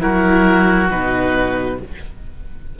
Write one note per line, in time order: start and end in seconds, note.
0.00 0.91 F#3
0.00 0.88 E4
0.00 1.77 F#4
0.00 0.90 A#4
0.90 1.79 B2
0.90 1.78 D#4
0.90 1.79 B4